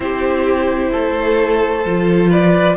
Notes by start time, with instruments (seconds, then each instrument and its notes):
0.00 cello C4, viola E4, violin G4 C5
0.91 cello A3, violin A4
1.85 cello F3, viola F4
2.29 violin B4 D5